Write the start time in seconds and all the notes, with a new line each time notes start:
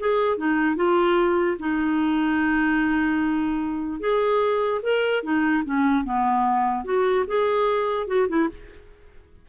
0.00 G#4
0.38 D#4
0.77 F4
1.60 D#4
4.01 G#4
4.83 A#4
5.24 D#4
5.65 C#4
6.05 B3
6.85 F#4
7.28 G#4
8.08 F#4
8.29 E4